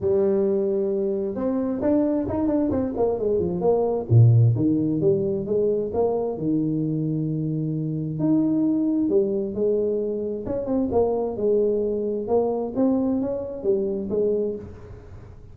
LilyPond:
\new Staff \with { instrumentName = "tuba" } { \time 4/4 \tempo 4 = 132 g2. c'4 | d'4 dis'8 d'8 c'8 ais8 gis8 f8 | ais4 ais,4 dis4 g4 | gis4 ais4 dis2~ |
dis2 dis'2 | g4 gis2 cis'8 c'8 | ais4 gis2 ais4 | c'4 cis'4 g4 gis4 | }